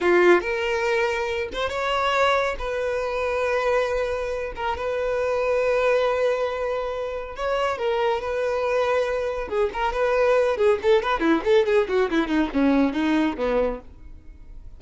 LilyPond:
\new Staff \with { instrumentName = "violin" } { \time 4/4 \tempo 4 = 139 f'4 ais'2~ ais'8 c''8 | cis''2 b'2~ | b'2~ b'8 ais'8 b'4~ | b'1~ |
b'4 cis''4 ais'4 b'4~ | b'2 gis'8 ais'8 b'4~ | b'8 gis'8 a'8 b'8 e'8 a'8 gis'8 fis'8 | e'8 dis'8 cis'4 dis'4 b4 | }